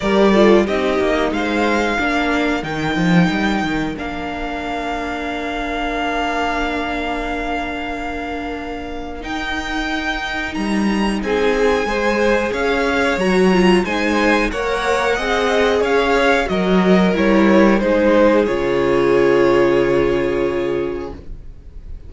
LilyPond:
<<
  \new Staff \with { instrumentName = "violin" } { \time 4/4 \tempo 4 = 91 d''4 dis''4 f''2 | g''2 f''2~ | f''1~ | f''2 g''2 |
ais''4 gis''2 f''4 | ais''4 gis''4 fis''2 | f''4 dis''4 cis''4 c''4 | cis''1 | }
  \new Staff \with { instrumentName = "violin" } { \time 4/4 ais'8 a'8 g'4 c''4 ais'4~ | ais'1~ | ais'1~ | ais'1~ |
ais'4 gis'4 c''4 cis''4~ | cis''4 c''4 cis''4 dis''4 | cis''4 ais'2 gis'4~ | gis'1 | }
  \new Staff \with { instrumentName = "viola" } { \time 4/4 g'8 f'8 dis'2 d'4 | dis'2 d'2~ | d'1~ | d'2 dis'2~ |
dis'2 gis'2 | fis'8 f'8 dis'4 ais'4 gis'4~ | gis'4 fis'4 e'4 dis'4 | f'1 | }
  \new Staff \with { instrumentName = "cello" } { \time 4/4 g4 c'8 ais8 gis4 ais4 | dis8 f8 g8 dis8 ais2~ | ais1~ | ais2 dis'2 |
g4 c'4 gis4 cis'4 | fis4 gis4 ais4 c'4 | cis'4 fis4 g4 gis4 | cis1 | }
>>